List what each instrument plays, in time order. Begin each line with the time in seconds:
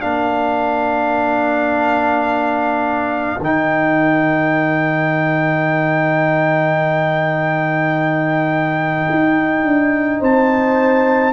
0.00 tuba A#3, trombone D4, horn A#4, trumpet F5
3.39 tuba D#3, trombone D#4, trumpet G5
9.09 tuba D#4
9.63 tuba D4
10.20 tuba C4, horn C5, trumpet A5